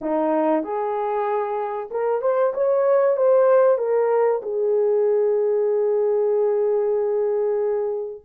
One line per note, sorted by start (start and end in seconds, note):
0.01 0.63 D#4
0.63 1.89 G#4
1.90 2.21 A#4
2.21 2.53 C5
2.53 3.16 C#5
3.16 3.78 C5
3.78 4.41 A#4
4.42 8.21 G#4